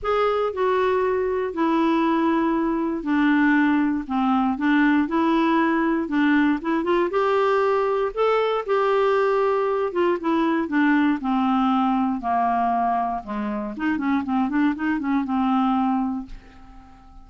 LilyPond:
\new Staff \with { instrumentName = "clarinet" } { \time 4/4 \tempo 4 = 118 gis'4 fis'2 e'4~ | e'2 d'2 | c'4 d'4 e'2 | d'4 e'8 f'8 g'2 |
a'4 g'2~ g'8 f'8 | e'4 d'4 c'2 | ais2 gis4 dis'8 cis'8 | c'8 d'8 dis'8 cis'8 c'2 | }